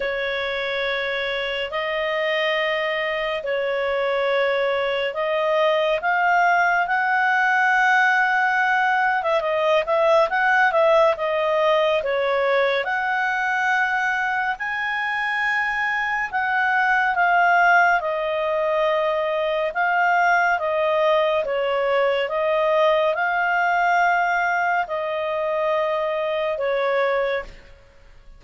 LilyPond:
\new Staff \with { instrumentName = "clarinet" } { \time 4/4 \tempo 4 = 70 cis''2 dis''2 | cis''2 dis''4 f''4 | fis''2~ fis''8. e''16 dis''8 e''8 | fis''8 e''8 dis''4 cis''4 fis''4~ |
fis''4 gis''2 fis''4 | f''4 dis''2 f''4 | dis''4 cis''4 dis''4 f''4~ | f''4 dis''2 cis''4 | }